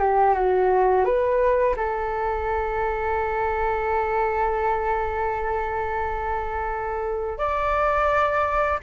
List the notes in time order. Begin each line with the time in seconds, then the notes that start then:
0.00 G4
0.35 F#4
1.05 B4
1.77 A4
7.39 D5